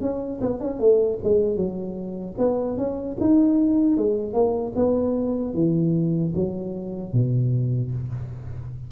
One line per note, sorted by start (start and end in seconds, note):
0.00 0.39 C#4
0.41 0.60 B3
0.60 0.79 C#4
0.79 1.18 A3
1.23 1.56 G#3
1.56 2.35 F#3
2.37 2.77 B3
2.77 3.17 C#4
3.20 3.97 D#4
3.97 4.33 G#3
4.33 4.72 A#3
4.75 5.53 B3
5.53 6.32 E3
6.34 7.12 F#3
7.12 7.91 B2